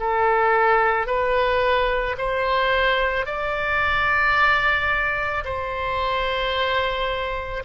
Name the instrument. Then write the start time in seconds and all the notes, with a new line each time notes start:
oboe
0.00 A4
1.07 B4
2.18 C5
3.26 D5
5.45 C5